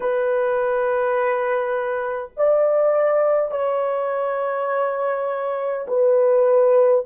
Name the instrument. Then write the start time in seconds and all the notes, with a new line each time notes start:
horn
0.00 B4
2.36 D5
3.51 C#5
5.87 B4